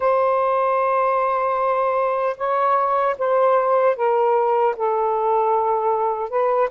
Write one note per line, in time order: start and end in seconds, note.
0.00 2.36 C5
2.37 3.16 C#5
3.18 3.96 C5
3.96 4.75 A#4
4.76 6.29 A4
6.29 6.69 B4